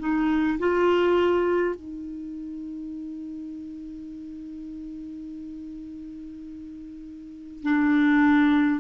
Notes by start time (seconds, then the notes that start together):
0.00 D#4
0.59 F4
1.76 D#4
7.63 D4